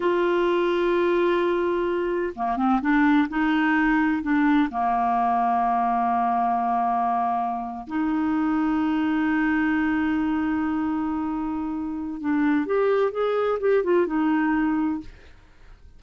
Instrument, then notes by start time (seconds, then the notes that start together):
clarinet
0.00 F4
2.35 A#3
2.57 C4
2.81 D4
3.28 D#4
4.22 D4
4.70 A#3
7.87 D#4
12.20 D4
12.65 G4
13.11 G#4
13.60 G4
13.83 F4
14.06 D#4